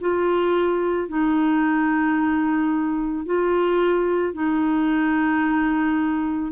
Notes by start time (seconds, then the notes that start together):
0.00 F4
1.08 D#4
3.25 F4
4.33 D#4